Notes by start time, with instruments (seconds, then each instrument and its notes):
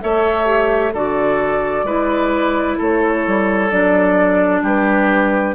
0.00 bassoon A3, clarinet A4, oboe C#5, flute E5
0.45 clarinet G4
0.93 bassoon D3, clarinet F#4, oboe A4, flute D5
1.83 bassoon G#3, clarinet E4, oboe B4
2.78 bassoon A3, oboe A4, flute C#5
3.27 bassoon G3
3.70 bassoon F#3, clarinet D4, flute D5
4.62 bassoon G3, oboe G4, flute B4